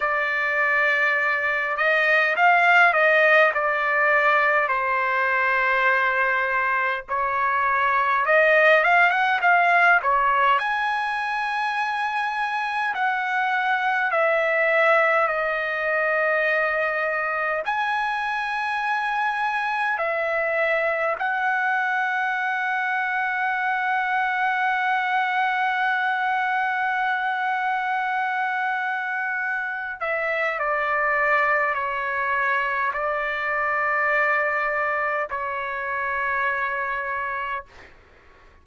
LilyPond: \new Staff \with { instrumentName = "trumpet" } { \time 4/4 \tempo 4 = 51 d''4. dis''8 f''8 dis''8 d''4 | c''2 cis''4 dis''8 f''16 fis''16 | f''8 cis''8 gis''2 fis''4 | e''4 dis''2 gis''4~ |
gis''4 e''4 fis''2~ | fis''1~ | fis''4. e''8 d''4 cis''4 | d''2 cis''2 | }